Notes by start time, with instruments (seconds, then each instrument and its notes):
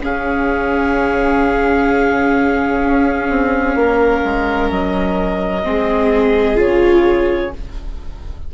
0.00 bassoon C#3, viola C#4, violin G#4, clarinet F5
2.84 bassoon C#4
3.29 bassoon C4
3.75 bassoon A#3, violin A#4
4.24 bassoon G#3
4.70 bassoon F#3, clarinet D#5
5.63 bassoon G#3, viola C4, violin G#4
6.55 bassoon C#3, viola F4, clarinet C#5